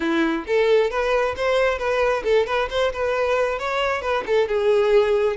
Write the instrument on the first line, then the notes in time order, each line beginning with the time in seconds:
violin
0.00 E4
0.47 A4
0.90 B4
1.36 C5
1.78 B4
2.24 A4
2.46 B4
2.70 C5
2.92 B4
3.58 C#5
4.01 B4
4.26 A4
4.48 G#4